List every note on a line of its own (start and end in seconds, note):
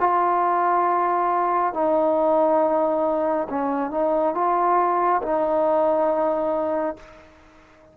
0.00 1.74 F4
1.74 3.48 D#4
3.49 3.91 C#4
3.91 4.34 D#4
4.35 5.22 F4
5.23 6.97 D#4